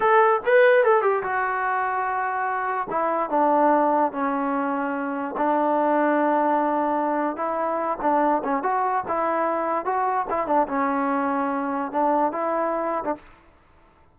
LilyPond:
\new Staff \with { instrumentName = "trombone" } { \time 4/4 \tempo 4 = 146 a'4 b'4 a'8 g'8 fis'4~ | fis'2. e'4 | d'2 cis'2~ | cis'4 d'2.~ |
d'2 e'4. d'8~ | d'8 cis'8 fis'4 e'2 | fis'4 e'8 d'8 cis'2~ | cis'4 d'4 e'4.~ e'16 d'16 | }